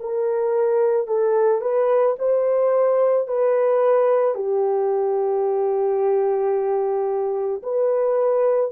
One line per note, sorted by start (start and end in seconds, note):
0.00 1.07 A#4
1.07 1.62 A4
1.62 2.16 B4
2.19 3.28 C5
3.28 4.35 B4
4.35 7.62 G4
7.63 8.72 B4